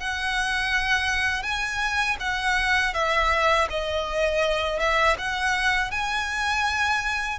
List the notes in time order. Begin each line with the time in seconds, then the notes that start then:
0.00 F#5
1.43 G#5
2.20 F#5
2.94 E5
3.70 D#5
4.79 E5
5.18 F#5
5.91 G#5